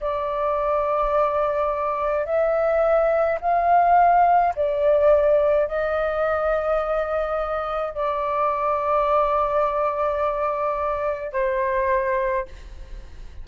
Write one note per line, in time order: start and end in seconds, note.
0.00 2.25 D5
2.25 3.39 E5
3.41 4.54 F5
4.55 5.67 D5
5.67 7.93 D#5
7.93 11.32 D5
11.32 12.45 C5